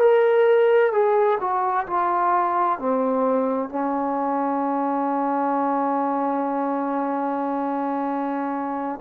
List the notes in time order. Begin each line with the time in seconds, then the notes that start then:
0.00 A#4
0.92 G#4
1.40 F#4
1.86 F4
2.79 C4
3.69 C#4